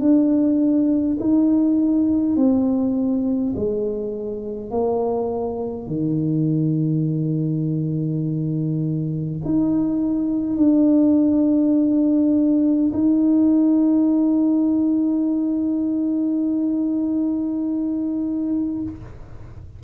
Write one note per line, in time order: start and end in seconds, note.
0.00 1.18 D4
1.20 2.36 D#4
2.36 3.54 C4
3.56 4.71 G#3
4.71 5.87 A#3
5.87 9.40 D#3
9.45 10.57 D#4
10.57 12.92 D4
12.94 18.82 D#4